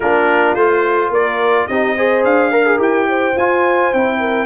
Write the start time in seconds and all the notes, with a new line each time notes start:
0.00 A#3 D4 F4 A#4
0.55 A3 F4 C5
1.09 A#3 A#4 D5
1.67 C4 D#4 G4 D#5
1.96 G#4 C5
2.24 D4 F5
2.51 A#4
2.66 G#4
2.77 E4 G4 G5
3.09 C5
3.36 F4 G#5
3.93 C4 E4 G5
4.19 A#4